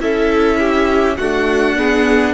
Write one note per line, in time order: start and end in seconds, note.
0.00 1.18 C#4
0.00 1.18 E4
0.00 0.60 A4
0.00 1.17 E5
0.60 1.18 G4
1.17 1.77 A3
1.17 2.34 D4
1.17 1.77 F#4
1.17 2.34 F#5
1.77 2.34 B3
1.77 2.34 G#4